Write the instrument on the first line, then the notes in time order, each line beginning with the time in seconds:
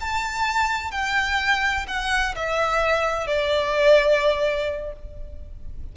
violin
0.00 A5
0.91 G5
1.87 F#5
2.35 E5
3.27 D5